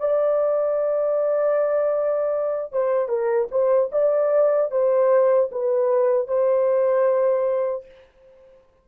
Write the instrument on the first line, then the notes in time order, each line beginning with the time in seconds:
horn
0.00 D5
2.73 C5
3.09 A#4
3.51 C5
3.92 D5
4.71 C5
5.52 B4
6.28 C5